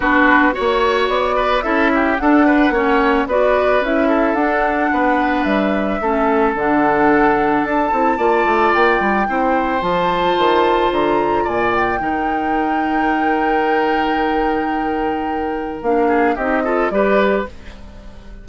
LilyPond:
<<
  \new Staff \with { instrumentName = "flute" } { \time 4/4 \tempo 4 = 110 b'4 cis''4 d''4 e''4 | fis''2 d''4 e''4 | fis''2 e''2 | fis''2 a''2 |
g''2 a''2 | ais''4 gis''8 g''2~ g''8~ | g''1~ | g''4 f''4 dis''4 d''4 | }
  \new Staff \with { instrumentName = "oboe" } { \time 4/4 fis'4 cis''4. b'8 a'8 g'8 | a'8 b'8 cis''4 b'4. a'8~ | a'4 b'2 a'4~ | a'2. d''4~ |
d''4 c''2.~ | c''4 d''4 ais'2~ | ais'1~ | ais'4. gis'8 g'8 a'8 b'4 | }
  \new Staff \with { instrumentName = "clarinet" } { \time 4/4 d'4 fis'2 e'4 | d'4 cis'4 fis'4 e'4 | d'2. cis'4 | d'2~ d'8 e'8 f'4~ |
f'4 e'4 f'2~ | f'2 dis'2~ | dis'1~ | dis'4 d'4 dis'8 f'8 g'4 | }
  \new Staff \with { instrumentName = "bassoon" } { \time 4/4 b4 ais4 b4 cis'4 | d'4 ais4 b4 cis'4 | d'4 b4 g4 a4 | d2 d'8 c'8 ais8 a8 |
ais8 g8 c'4 f4 dis4 | d4 ais,4 dis2~ | dis1~ | dis4 ais4 c'4 g4 | }
>>